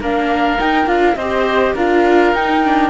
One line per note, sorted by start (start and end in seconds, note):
0.00 0.58 A#3
0.00 0.58 D4
0.00 1.17 A#4
0.00 0.59 F5
0.58 0.86 D#4
0.58 0.87 G5
0.86 1.15 D4
0.86 1.15 F4
0.86 1.15 F5
1.15 1.74 C4
1.15 1.77 G4
1.15 1.75 C5
1.15 1.74 D#5
1.75 2.33 D4
1.75 2.34 F4
1.75 2.90 A#4
1.75 2.34 F5
2.33 2.90 D#4
2.33 2.64 D#4
2.33 2.90 G5
2.64 2.90 D4